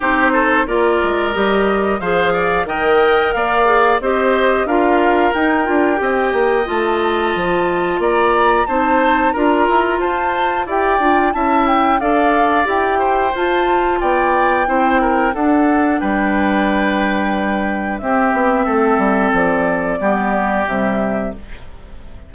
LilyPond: <<
  \new Staff \with { instrumentName = "flute" } { \time 4/4 \tempo 4 = 90 c''4 d''4 dis''4 f''4 | g''4 f''4 dis''4 f''4 | g''2 a''2 | ais''4 a''4 ais''4 a''4 |
g''4 a''8 g''8 f''4 g''4 | a''4 g''2 fis''4 | g''2. e''4~ | e''4 d''2 e''4 | }
  \new Staff \with { instrumentName = "oboe" } { \time 4/4 g'8 a'8 ais'2 c''8 d''8 | dis''4 d''4 c''4 ais'4~ | ais'4 dis''2. | d''4 c''4 ais'4 c''4 |
d''4 e''4 d''4. c''8~ | c''4 d''4 c''8 ais'8 a'4 | b'2. g'4 | a'2 g'2 | }
  \new Staff \with { instrumentName = "clarinet" } { \time 4/4 dis'4 f'4 g'4 gis'4 | ais'4. gis'8 g'4 f'4 | dis'8 f'8 g'4 f'2~ | f'4 dis'4 f'2 |
g'8 f'8 e'4 a'4 g'4 | f'2 e'4 d'4~ | d'2. c'4~ | c'2 b4 g4 | }
  \new Staff \with { instrumentName = "bassoon" } { \time 4/4 c'4 ais8 gis8 g4 f4 | dis4 ais4 c'4 d'4 | dis'8 d'8 c'8 ais8 a4 f4 | ais4 c'4 d'8 e'8 f'4 |
e'8 d'8 cis'4 d'4 e'4 | f'4 b4 c'4 d'4 | g2. c'8 b8 | a8 g8 f4 g4 c4 | }
>>